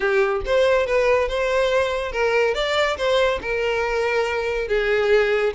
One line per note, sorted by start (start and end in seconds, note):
0.00 0.41 G4
0.45 0.86 C5
0.86 1.28 B4
1.28 2.12 C5
2.12 2.54 A#4
2.54 2.97 D5
2.97 3.39 C5
3.41 4.68 A#4
4.68 5.53 G#4